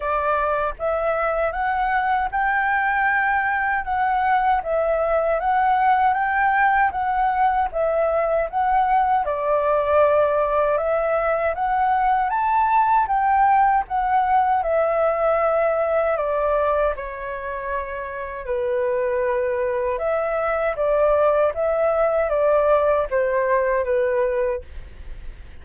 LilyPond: \new Staff \with { instrumentName = "flute" } { \time 4/4 \tempo 4 = 78 d''4 e''4 fis''4 g''4~ | g''4 fis''4 e''4 fis''4 | g''4 fis''4 e''4 fis''4 | d''2 e''4 fis''4 |
a''4 g''4 fis''4 e''4~ | e''4 d''4 cis''2 | b'2 e''4 d''4 | e''4 d''4 c''4 b'4 | }